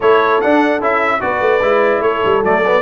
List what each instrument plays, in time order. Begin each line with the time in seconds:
0.00 tuba A3, trombone E4, horn A4, trumpet C#5
0.41 trombone D4, tuba D4, trumpet F#5
0.80 tuba C#4, trombone E4, trumpet E5
1.20 tuba B3, trombone F#4, horn B4, trumpet D5
1.40 tuba A3
1.61 tuba G#3, trombone E4
2.00 tuba A3, horn A4, trumpet C#5
2.24 tuba G3
2.43 tuba F#3, trombone A3, trumpet D5
2.66 trombone B3